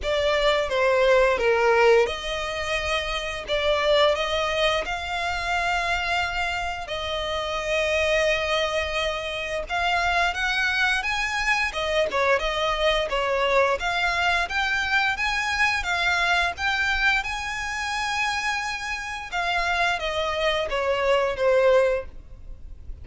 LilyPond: \new Staff \with { instrumentName = "violin" } { \time 4/4 \tempo 4 = 87 d''4 c''4 ais'4 dis''4~ | dis''4 d''4 dis''4 f''4~ | f''2 dis''2~ | dis''2 f''4 fis''4 |
gis''4 dis''8 cis''8 dis''4 cis''4 | f''4 g''4 gis''4 f''4 | g''4 gis''2. | f''4 dis''4 cis''4 c''4 | }